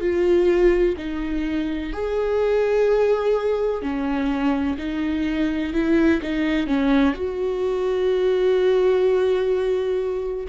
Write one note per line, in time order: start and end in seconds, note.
0.00 0.95 F4
0.97 1.92 D#4
1.92 3.81 G#4
3.81 4.77 C#4
4.77 5.73 D#4
5.73 6.20 E4
6.22 6.66 D#4
6.66 7.13 C#4
7.13 10.47 F#4